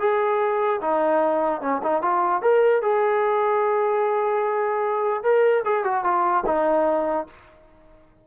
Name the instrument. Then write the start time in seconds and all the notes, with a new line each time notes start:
trombone
0.00 G#4
0.81 D#4
1.61 C#4
1.83 D#4
2.02 F4
2.42 A#4
2.82 G#4
5.23 A#4
5.65 G#4
5.84 F#4
6.04 F4
6.46 D#4